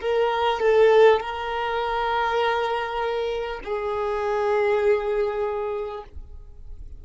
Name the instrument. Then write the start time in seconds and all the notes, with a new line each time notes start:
violin
0.00 A#4
0.60 A4
1.20 A#4
3.64 G#4